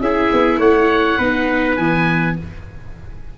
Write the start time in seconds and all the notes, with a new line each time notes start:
0.00 C#4 E4 G#4 E5
0.32 B3
0.58 A3 C#5 F#5
1.18 B3 D#4 B4
1.76 E3 B3 G#5